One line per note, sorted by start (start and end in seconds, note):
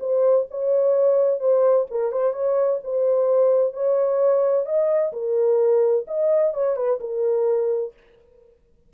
0.00 0.47 C5
0.51 1.40 C#5
1.40 1.86 C5
1.91 2.12 A#4
2.12 2.33 C5
2.33 2.80 C#5
2.84 3.74 C5
3.74 4.66 C#5
4.66 5.12 D#5
5.13 6.06 A#4
6.08 6.54 D#5
6.54 6.77 C#5
6.77 7.00 B4
7.01 7.94 A#4